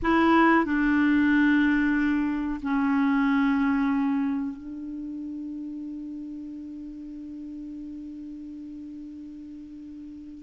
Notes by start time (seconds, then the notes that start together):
0.02 E4
0.65 D4
2.62 C#4
4.57 D4